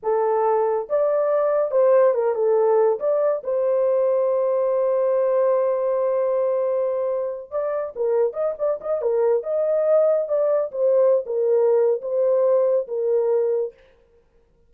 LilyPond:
\new Staff \with { instrumentName = "horn" } { \time 4/4 \tempo 4 = 140 a'2 d''2 | c''4 ais'8 a'4. d''4 | c''1~ | c''1~ |
c''4. d''4 ais'4 dis''8 | d''8 dis''8 ais'4 dis''2 | d''4 c''4~ c''16 ais'4.~ ais'16 | c''2 ais'2 | }